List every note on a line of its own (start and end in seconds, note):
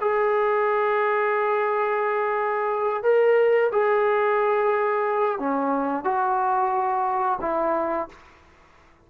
0.00 3.03 G#4
3.03 3.70 A#4
3.71 5.39 G#4
5.39 6.04 C#4
6.04 7.39 F#4
7.41 8.08 E4